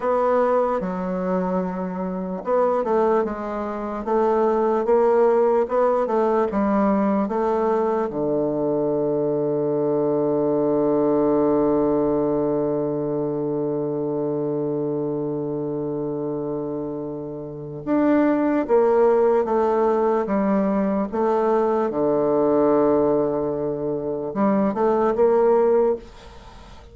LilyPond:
\new Staff \with { instrumentName = "bassoon" } { \time 4/4 \tempo 4 = 74 b4 fis2 b8 a8 | gis4 a4 ais4 b8 a8 | g4 a4 d2~ | d1~ |
d1~ | d2 d'4 ais4 | a4 g4 a4 d4~ | d2 g8 a8 ais4 | }